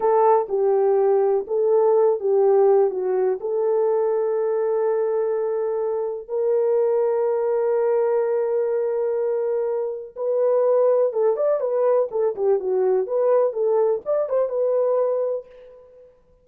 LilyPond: \new Staff \with { instrumentName = "horn" } { \time 4/4 \tempo 4 = 124 a'4 g'2 a'4~ | a'8 g'4. fis'4 a'4~ | a'1~ | a'4 ais'2.~ |
ais'1~ | ais'4 b'2 a'8 d''8 | b'4 a'8 g'8 fis'4 b'4 | a'4 d''8 c''8 b'2 | }